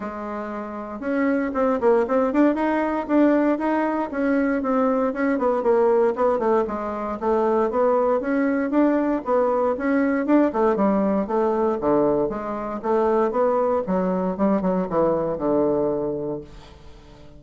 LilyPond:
\new Staff \with { instrumentName = "bassoon" } { \time 4/4 \tempo 4 = 117 gis2 cis'4 c'8 ais8 | c'8 d'8 dis'4 d'4 dis'4 | cis'4 c'4 cis'8 b8 ais4 | b8 a8 gis4 a4 b4 |
cis'4 d'4 b4 cis'4 | d'8 a8 g4 a4 d4 | gis4 a4 b4 fis4 | g8 fis8 e4 d2 | }